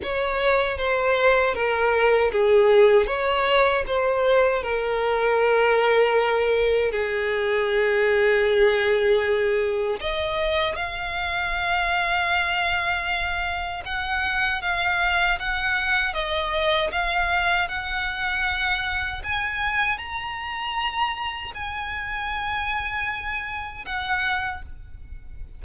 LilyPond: \new Staff \with { instrumentName = "violin" } { \time 4/4 \tempo 4 = 78 cis''4 c''4 ais'4 gis'4 | cis''4 c''4 ais'2~ | ais'4 gis'2.~ | gis'4 dis''4 f''2~ |
f''2 fis''4 f''4 | fis''4 dis''4 f''4 fis''4~ | fis''4 gis''4 ais''2 | gis''2. fis''4 | }